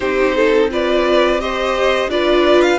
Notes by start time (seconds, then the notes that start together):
0.00 C4 D#4 G4 C5
0.35 A4
0.70 F4 B4 D5
1.39 G4 C5 D#5
2.08 D4 F4 B4 D5
2.61 F5